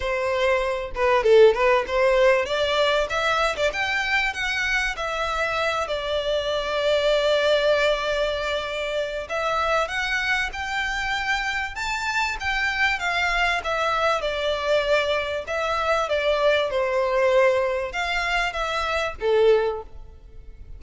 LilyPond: \new Staff \with { instrumentName = "violin" } { \time 4/4 \tempo 4 = 97 c''4. b'8 a'8 b'8 c''4 | d''4 e''8. d''16 g''4 fis''4 | e''4. d''2~ d''8~ | d''2. e''4 |
fis''4 g''2 a''4 | g''4 f''4 e''4 d''4~ | d''4 e''4 d''4 c''4~ | c''4 f''4 e''4 a'4 | }